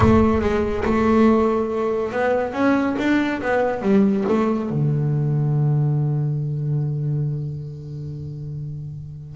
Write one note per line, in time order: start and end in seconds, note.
0.00 0.41 A3
0.41 0.84 G#3
0.85 2.12 A3
2.12 2.52 B3
2.52 2.95 C#4
2.98 3.41 D4
3.41 3.81 B3
3.81 4.24 G3
4.28 4.69 A3
4.69 9.36 D3